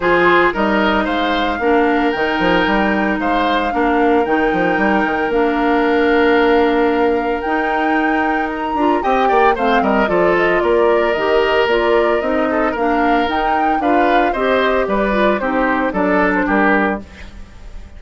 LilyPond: <<
  \new Staff \with { instrumentName = "flute" } { \time 4/4 \tempo 4 = 113 c''4 dis''4 f''2 | g''2 f''2 | g''2 f''2~ | f''2 g''2 |
ais''4 g''4 f''8 dis''8 d''8 dis''8 | d''4 dis''4 d''4 dis''4 | f''4 g''4 f''4 dis''4 | d''4 c''4 d''8. c''16 ais'4 | }
  \new Staff \with { instrumentName = "oboe" } { \time 4/4 gis'4 ais'4 c''4 ais'4~ | ais'2 c''4 ais'4~ | ais'1~ | ais'1~ |
ais'4 dis''8 d''8 c''8 ais'8 a'4 | ais'2.~ ais'8 a'8 | ais'2 b'4 c''4 | b'4 g'4 a'4 g'4 | }
  \new Staff \with { instrumentName = "clarinet" } { \time 4/4 f'4 dis'2 d'4 | dis'2. d'4 | dis'2 d'2~ | d'2 dis'2~ |
dis'8 f'8 g'4 c'4 f'4~ | f'4 g'4 f'4 dis'4 | d'4 dis'4 f'4 g'4~ | g'8 f'8 dis'4 d'2 | }
  \new Staff \with { instrumentName = "bassoon" } { \time 4/4 f4 g4 gis4 ais4 | dis8 f8 g4 gis4 ais4 | dis8 f8 g8 dis8 ais2~ | ais2 dis'2~ |
dis'8 d'8 c'8 ais8 a8 g8 f4 | ais4 dis4 ais4 c'4 | ais4 dis'4 d'4 c'4 | g4 c'4 fis4 g4 | }
>>